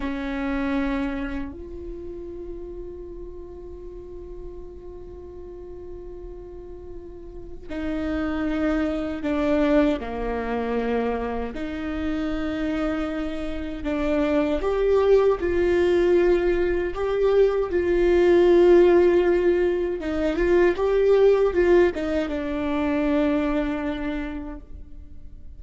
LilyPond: \new Staff \with { instrumentName = "viola" } { \time 4/4 \tempo 4 = 78 cis'2 f'2~ | f'1~ | f'2 dis'2 | d'4 ais2 dis'4~ |
dis'2 d'4 g'4 | f'2 g'4 f'4~ | f'2 dis'8 f'8 g'4 | f'8 dis'8 d'2. | }